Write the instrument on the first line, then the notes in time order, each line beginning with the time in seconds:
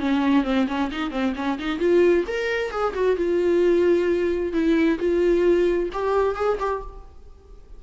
viola
0.00 C#4
0.44 C4
0.68 C#4
0.91 D#4
1.11 C4
1.36 C#4
1.59 D#4
1.79 F4
2.27 A#4
2.71 G#4
2.94 F#4
3.17 F4
4.53 E4
4.99 F4
5.93 G4
6.36 G#4
6.60 G4